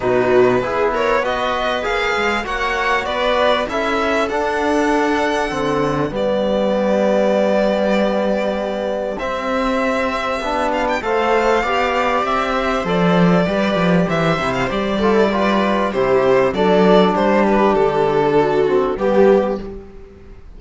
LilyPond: <<
  \new Staff \with { instrumentName = "violin" } { \time 4/4 \tempo 4 = 98 b'4. cis''8 dis''4 f''4 | fis''4 d''4 e''4 fis''4~ | fis''2 d''2~ | d''2. e''4~ |
e''4. f''16 g''16 f''2 | e''4 d''2 e''8. f''16 | d''2 c''4 d''4 | c''8 b'8 a'2 g'4 | }
  \new Staff \with { instrumentName = "viola" } { \time 4/4 fis'4 gis'8 ais'8 b'2 | cis''4 b'4 a'2~ | a'2 g'2~ | g'1~ |
g'2 c''4 d''4~ | d''8 c''4. b'4 c''4~ | c''8 a'8 b'4 g'4 a'4 | g'2 fis'4 g'4 | }
  \new Staff \with { instrumentName = "trombone" } { \time 4/4 dis'4 e'4 fis'4 gis'4 | fis'2 e'4 d'4~ | d'4 c'4 b2~ | b2. c'4~ |
c'4 d'4 a'4 g'4~ | g'4 a'4 g'4. e'8 | g'8 f'16 e'16 f'4 e'4 d'4~ | d'2~ d'8 c'8 b4 | }
  \new Staff \with { instrumentName = "cello" } { \time 4/4 b,4 b2 ais8 gis8 | ais4 b4 cis'4 d'4~ | d'4 d4 g2~ | g2. c'4~ |
c'4 b4 a4 b4 | c'4 f4 g8 f8 e8 c8 | g2 c4 fis4 | g4 d2 g4 | }
>>